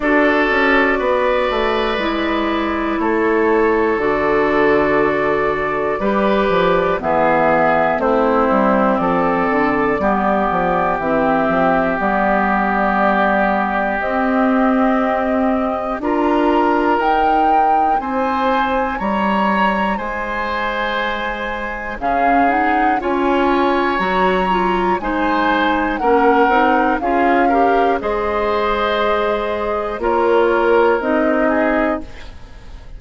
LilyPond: <<
  \new Staff \with { instrumentName = "flute" } { \time 4/4 \tempo 4 = 60 d''2. cis''4 | d''2. e''4 | c''4 d''2 e''4 | d''2 dis''2 |
ais''4 g''4 gis''4 ais''4 | gis''2 f''8 fis''8 gis''4 | ais''4 gis''4 fis''4 f''4 | dis''2 cis''4 dis''4 | }
  \new Staff \with { instrumentName = "oboe" } { \time 4/4 a'4 b'2 a'4~ | a'2 b'4 gis'4 | e'4 a'4 g'2~ | g'1 |
ais'2 c''4 cis''4 | c''2 gis'4 cis''4~ | cis''4 c''4 ais'4 gis'8 ais'8 | c''2 ais'4. gis'8 | }
  \new Staff \with { instrumentName = "clarinet" } { \time 4/4 fis'2 e'2 | fis'2 g'4 b4 | c'2 b4 c'4 | b2 c'2 |
f'4 dis'2.~ | dis'2 cis'8 dis'8 f'4 | fis'8 f'8 dis'4 cis'8 dis'8 f'8 g'8 | gis'2 f'4 dis'4 | }
  \new Staff \with { instrumentName = "bassoon" } { \time 4/4 d'8 cis'8 b8 a8 gis4 a4 | d2 g8 f8 e4 | a8 g8 f8 d8 g8 f8 e8 f8 | g2 c'2 |
d'4 dis'4 c'4 g4 | gis2 cis4 cis'4 | fis4 gis4 ais8 c'8 cis'4 | gis2 ais4 c'4 | }
>>